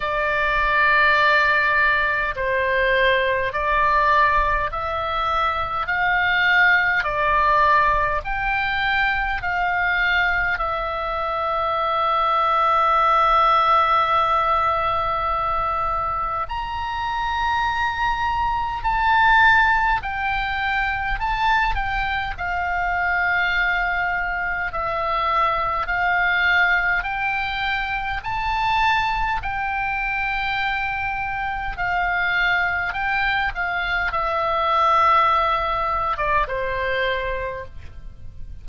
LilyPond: \new Staff \with { instrumentName = "oboe" } { \time 4/4 \tempo 4 = 51 d''2 c''4 d''4 | e''4 f''4 d''4 g''4 | f''4 e''2.~ | e''2 ais''2 |
a''4 g''4 a''8 g''8 f''4~ | f''4 e''4 f''4 g''4 | a''4 g''2 f''4 | g''8 f''8 e''4.~ e''16 d''16 c''4 | }